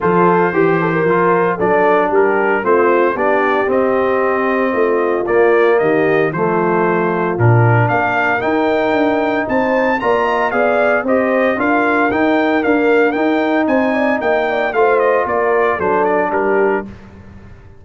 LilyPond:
<<
  \new Staff \with { instrumentName = "trumpet" } { \time 4/4 \tempo 4 = 114 c''2. d''4 | ais'4 c''4 d''4 dis''4~ | dis''2 d''4 dis''4 | c''2 ais'4 f''4 |
g''2 a''4 ais''4 | f''4 dis''4 f''4 g''4 | f''4 g''4 gis''4 g''4 | f''8 dis''8 d''4 c''8 d''8 ais'4 | }
  \new Staff \with { instrumentName = "horn" } { \time 4/4 a'4 g'8 a'16 ais'4~ ais'16 a'4 | g'4 f'4 g'2~ | g'4 f'2 g'4 | f'2. ais'4~ |
ais'2 c''4 d''8 dis''8 | d''4 c''4 ais'2~ | ais'2 c''8 d''8 dis''8 d''8 | c''4 ais'4 a'4 g'4 | }
  \new Staff \with { instrumentName = "trombone" } { \time 4/4 f'4 g'4 f'4 d'4~ | d'4 c'4 d'4 c'4~ | c'2 ais2 | a2 d'2 |
dis'2. f'4 | gis'4 g'4 f'4 dis'4 | ais4 dis'2. | f'2 d'2 | }
  \new Staff \with { instrumentName = "tuba" } { \time 4/4 f4 e4 f4 fis4 | g4 a4 b4 c'4~ | c'4 a4 ais4 dis4 | f2 ais,4 ais4 |
dis'4 d'4 c'4 ais4 | b4 c'4 d'4 dis'4 | d'4 dis'4 c'4 ais4 | a4 ais4 fis4 g4 | }
>>